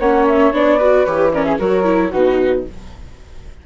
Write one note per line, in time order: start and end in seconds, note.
0.00 0.53 A#3
0.00 0.54 C#4
0.00 0.78 C#5
0.00 0.27 F#5
0.28 0.55 E5
0.53 1.06 B3
0.53 0.81 D4
0.53 1.06 D5
0.78 1.07 F#4
0.78 1.32 B4
1.06 1.59 E3
1.06 1.34 G4
1.06 1.32 C#5
1.34 1.60 C#4
1.34 1.45 A#4
1.34 1.44 D5
1.44 1.59 G#4
1.44 1.57 E5
1.59 2.12 F#3
1.59 1.85 F#4
1.59 2.10 A#4
1.59 2.12 C#5
1.85 2.11 E4
2.10 2.67 B2
2.10 2.67 D#4
2.10 2.63 F#4
2.10 2.65 B4